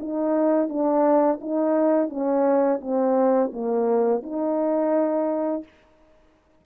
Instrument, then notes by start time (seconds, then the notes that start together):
horn
0.00 D#4
0.69 D4
1.41 D#4
2.10 C#4
2.81 C4
3.53 A#3
4.23 D#4